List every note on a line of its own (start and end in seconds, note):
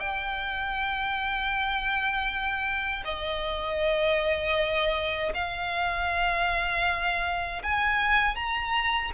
0.00 3.04 G5
3.05 5.33 D#5
5.35 7.63 F5
7.63 8.36 G#5
8.36 9.12 A#5